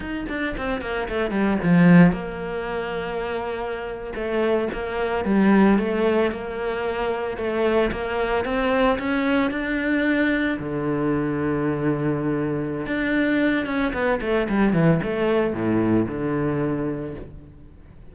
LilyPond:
\new Staff \with { instrumentName = "cello" } { \time 4/4 \tempo 4 = 112 dis'8 d'8 c'8 ais8 a8 g8 f4 | ais2.~ ais8. a16~ | a8. ais4 g4 a4 ais16~ | ais4.~ ais16 a4 ais4 c'16~ |
c'8. cis'4 d'2 d16~ | d1 | d'4. cis'8 b8 a8 g8 e8 | a4 a,4 d2 | }